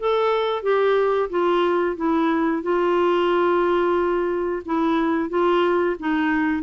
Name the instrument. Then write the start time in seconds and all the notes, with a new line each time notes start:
clarinet
0.00 A4
0.63 G4
1.30 F4
1.97 E4
2.63 F4
4.66 E4
5.30 F4
6.00 D#4